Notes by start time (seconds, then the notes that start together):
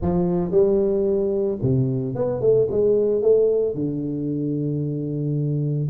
0.01 F3
0.51 G3
1.62 C3
2.15 B3
2.41 A3
2.70 G#3
3.22 A3
3.74 D3